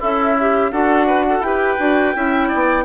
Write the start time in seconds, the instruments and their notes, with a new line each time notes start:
0.00 bassoon C#4, oboe E4, clarinet A4, flute E5
0.40 clarinet G4
0.72 bassoon D4, clarinet F#4, oboe A4, flute F#5
1.07 oboe B4
1.29 oboe A4
1.40 bassoon E4, clarinet G4, flute G5
1.46 oboe B4
1.78 bassoon D4, clarinet F#4
2.15 bassoon C#4, clarinet E4, oboe E5
2.49 bassoon B3, oboe D5